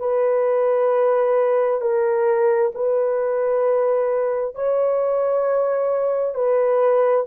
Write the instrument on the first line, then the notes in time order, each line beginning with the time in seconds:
horn
0.00 B4
1.81 A#4
2.75 B4
4.55 C#5
6.35 B4